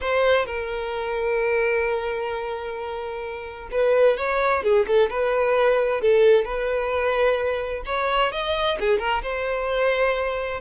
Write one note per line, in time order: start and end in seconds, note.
0.00 0.46 C5
0.46 3.69 A#4
3.71 4.17 B4
4.17 4.63 C#5
4.63 4.86 G#4
4.87 5.10 A4
5.10 6.01 B4
6.01 6.44 A4
6.44 7.83 B4
7.85 8.32 C#5
8.32 8.78 D#5
8.79 8.99 G#4
8.99 9.22 A#4
9.22 10.60 C5